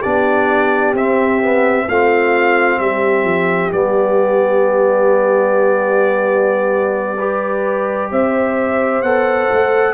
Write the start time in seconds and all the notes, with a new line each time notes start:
0.00 B3 D4 G4 D5
0.93 C4 E5
1.42 B3
1.87 A3 C4 F4 F5
2.79 G3 G4 E5
3.24 F3
3.71 G3 B3 D5
7.17 G4 B4
8.11 C4 C5 E5
9.02 B3 A4 F#5
9.52 A3